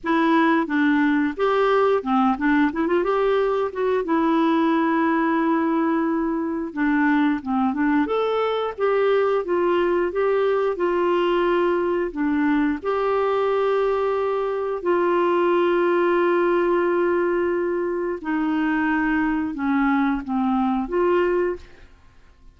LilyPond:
\new Staff \with { instrumentName = "clarinet" } { \time 4/4 \tempo 4 = 89 e'4 d'4 g'4 c'8 d'8 | e'16 f'16 g'4 fis'8 e'2~ | e'2 d'4 c'8 d'8 | a'4 g'4 f'4 g'4 |
f'2 d'4 g'4~ | g'2 f'2~ | f'2. dis'4~ | dis'4 cis'4 c'4 f'4 | }